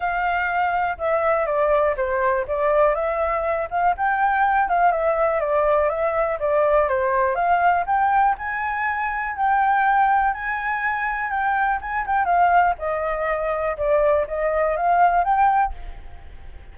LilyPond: \new Staff \with { instrumentName = "flute" } { \time 4/4 \tempo 4 = 122 f''2 e''4 d''4 | c''4 d''4 e''4. f''8 | g''4. f''8 e''4 d''4 | e''4 d''4 c''4 f''4 |
g''4 gis''2 g''4~ | g''4 gis''2 g''4 | gis''8 g''8 f''4 dis''2 | d''4 dis''4 f''4 g''4 | }